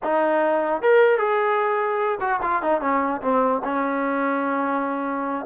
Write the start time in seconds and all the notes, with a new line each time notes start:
0.03 D#4
0.81 A#4
1.18 G#4
2.20 F#4
2.42 F4
2.62 D#4
2.80 C#4
3.21 C4
3.64 C#4